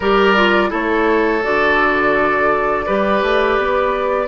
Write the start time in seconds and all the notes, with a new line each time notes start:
0.00 G3 G4 A#4 D5
0.36 F4
0.69 A3 E4 A4 C#5
1.42 D3 F#4 D5
2.86 G3 G4 B4
3.22 A3
3.57 B3